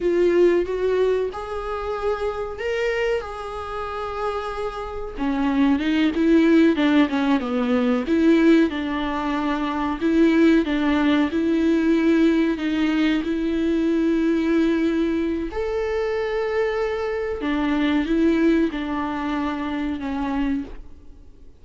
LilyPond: \new Staff \with { instrumentName = "viola" } { \time 4/4 \tempo 4 = 93 f'4 fis'4 gis'2 | ais'4 gis'2. | cis'4 dis'8 e'4 d'8 cis'8 b8~ | b8 e'4 d'2 e'8~ |
e'8 d'4 e'2 dis'8~ | dis'8 e'2.~ e'8 | a'2. d'4 | e'4 d'2 cis'4 | }